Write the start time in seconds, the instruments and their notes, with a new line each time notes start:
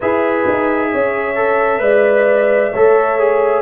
0.00 tuba E4, trombone G#4, horn B4, trumpet E5
0.47 tuba D#4
0.92 tuba C#4, horn C#5
1.35 trombone A4
1.79 tuba G#3, trombone B4, horn D5
2.72 tuba A3, trombone A4, horn C#5
3.18 trombone G#4